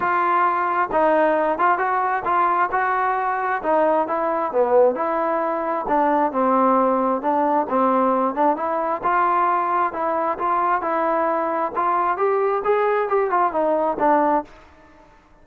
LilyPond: \new Staff \with { instrumentName = "trombone" } { \time 4/4 \tempo 4 = 133 f'2 dis'4. f'8 | fis'4 f'4 fis'2 | dis'4 e'4 b4 e'4~ | e'4 d'4 c'2 |
d'4 c'4. d'8 e'4 | f'2 e'4 f'4 | e'2 f'4 g'4 | gis'4 g'8 f'8 dis'4 d'4 | }